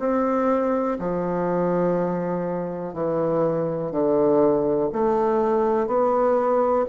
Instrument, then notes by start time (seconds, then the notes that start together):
bassoon
0.00 C4
1.00 F3
2.94 E3
3.92 D3
4.93 A3
5.87 B3